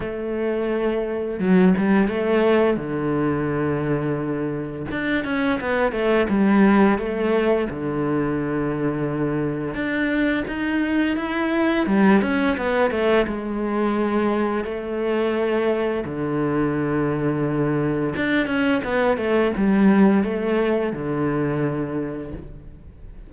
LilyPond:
\new Staff \with { instrumentName = "cello" } { \time 4/4 \tempo 4 = 86 a2 fis8 g8 a4 | d2. d'8 cis'8 | b8 a8 g4 a4 d4~ | d2 d'4 dis'4 |
e'4 g8 cis'8 b8 a8 gis4~ | gis4 a2 d4~ | d2 d'8 cis'8 b8 a8 | g4 a4 d2 | }